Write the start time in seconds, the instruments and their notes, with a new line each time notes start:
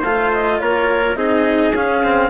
0.00 bassoon A3, cello F4, trumpet C5, clarinet F5
0.34 clarinet D#5
0.61 bassoon A#3, trumpet A#4, clarinet C#5
1.16 bassoon C4, cello D#4, trumpet G#4, clarinet D#5
1.73 bassoon C#4, cello C#4, clarinet F5
2.04 cello C4